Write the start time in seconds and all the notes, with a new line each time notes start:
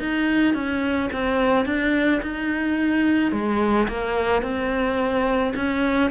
0.00 D#4
0.55 C#4
1.13 C4
1.66 D4
2.22 D#4
3.32 G#3
3.88 A#3
4.42 C4
5.56 C#4